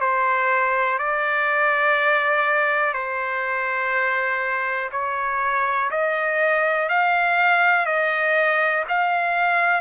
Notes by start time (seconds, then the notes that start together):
0.00 C5
0.98 D5
2.93 C5
4.91 C#5
5.90 D#5
6.89 F5
7.86 D#5
8.88 F5